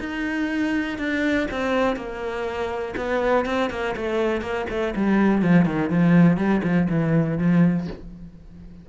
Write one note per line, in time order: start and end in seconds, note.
0.00 0.98 D#4
0.98 1.48 D4
1.51 1.96 C4
1.96 2.95 A#3
2.97 3.46 B3
3.46 3.70 C4
3.71 3.95 A#3
3.97 4.42 A3
4.42 4.66 A#3
4.70 4.94 A3
4.96 5.43 G3
5.43 5.66 F3
5.66 5.90 D#3
5.90 6.37 F3
6.37 6.62 G3
6.63 6.88 F3
6.89 7.38 E3
7.38 7.88 F3